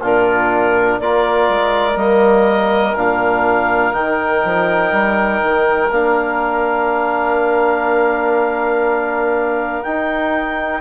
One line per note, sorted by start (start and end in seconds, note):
0.00 0.99 A#2
0.00 1.01 D4
0.00 0.98 F4
0.00 0.99 A#4
0.99 1.49 A#3
0.99 1.94 F4
0.99 10.81 A#4
0.99 1.97 D5
1.49 1.95 G#3
1.94 2.94 G3
1.94 2.92 A#3
1.94 2.95 D#5
2.95 3.92 A#2
2.95 3.92 D4
2.95 3.93 F5
3.92 4.42 D#3
3.92 5.89 D#4
3.92 5.90 G5
4.44 4.91 F3
4.91 5.41 G3
5.42 5.90 D#3
5.90 9.84 A#3
5.90 9.84 D4
5.90 9.82 F5
9.82 10.81 D#4
9.82 10.81 G5